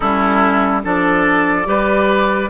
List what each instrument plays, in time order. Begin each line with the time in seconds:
0.00 bassoon G3, clarinet C#4, oboe E4, flute A4
0.83 bassoon F3, clarinet D4, oboe A4, flute D5
1.65 bassoon G3, clarinet G4, oboe B4